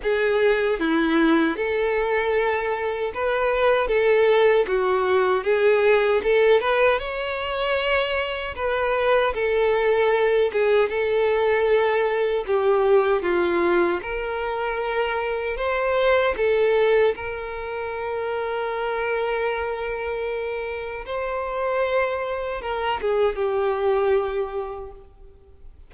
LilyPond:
\new Staff \with { instrumentName = "violin" } { \time 4/4 \tempo 4 = 77 gis'4 e'4 a'2 | b'4 a'4 fis'4 gis'4 | a'8 b'8 cis''2 b'4 | a'4. gis'8 a'2 |
g'4 f'4 ais'2 | c''4 a'4 ais'2~ | ais'2. c''4~ | c''4 ais'8 gis'8 g'2 | }